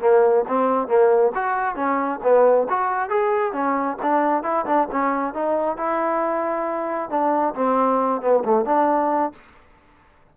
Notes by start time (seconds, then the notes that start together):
0.00 A#3
0.47 C4
0.87 A#3
1.34 F#4
1.75 C#4
2.23 B3
2.69 F#4
3.09 G#4
3.52 C#4
4.02 D4
4.43 E4
4.65 D4
4.91 C#4
5.34 D#4
5.77 E4
7.09 D4
7.54 C4
8.21 B3
8.44 A3
8.65 D4